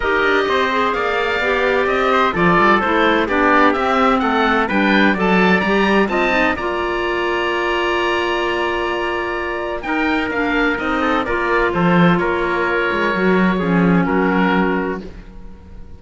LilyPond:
<<
  \new Staff \with { instrumentName = "oboe" } { \time 4/4 \tempo 4 = 128 dis''2 f''2 | dis''4 d''4 c''4 d''4 | e''4 fis''4 g''4 a''4 | ais''4 a''4 ais''2~ |
ais''1~ | ais''4 g''4 f''4 dis''4 | d''4 c''4 cis''2~ | cis''2 ais'2 | }
  \new Staff \with { instrumentName = "trumpet" } { \time 4/4 ais'4 c''4 d''2~ | d''8 c''8 a'2 g'4~ | g'4 a'4 b'4 d''4~ | d''4 dis''4 d''2~ |
d''1~ | d''4 ais'2~ ais'8 a'8 | ais'4 a'4 ais'2~ | ais'4 gis'4 fis'2 | }
  \new Staff \with { instrumentName = "clarinet" } { \time 4/4 g'4. gis'4. g'4~ | g'4 f'4 e'4 d'4 | c'2 d'4 a'4 | g'4 f'8 dis'8 f'2~ |
f'1~ | f'4 dis'4 d'4 dis'4 | f'1 | fis'4 cis'2. | }
  \new Staff \with { instrumentName = "cello" } { \time 4/4 dis'8 d'8 c'4 ais4 b4 | c'4 f8 g8 a4 b4 | c'4 a4 g4 fis4 | g4 c'4 ais2~ |
ais1~ | ais4 dis'4 ais4 c'4 | ais4 f4 ais4. gis8 | fis4 f4 fis2 | }
>>